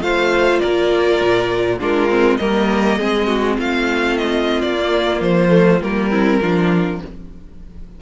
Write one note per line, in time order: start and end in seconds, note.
0.00 0.59 A3
0.00 1.78 F4
0.00 0.61 C5
0.00 0.59 F5
0.59 1.21 A#3
0.59 1.79 A#4
0.59 1.78 D5
1.21 1.79 A#2
1.79 2.38 G#3
1.79 2.09 D4
1.79 2.39 F4
1.79 2.37 A#4
2.09 2.39 C4
2.37 2.99 G3
2.37 2.99 A#3
2.37 2.98 A#4
2.37 3.55 D#5
2.98 3.58 G#3
2.98 4.77 C4
2.98 3.27 G#4
3.27 3.56 F#4
3.58 4.62 A3
3.58 6.10 F4
3.58 4.17 F5
4.17 4.61 D#5
4.61 5.20 A#3
4.61 5.21 D5
4.78 5.49 A#3
5.20 5.80 F3
5.20 5.82 C5
5.49 5.78 A3
5.81 6.40 G3
5.81 6.11 A#3
5.81 7.01 A#4
6.10 6.40 C4
6.10 6.39 E4
6.41 7.01 F3
6.41 7.01 D4
6.41 7.00 F4